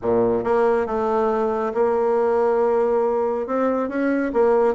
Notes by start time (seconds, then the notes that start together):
0.02 A#2
0.44 A#3
0.86 A3
1.74 A#3
3.46 C4
3.88 C#4
4.33 A#3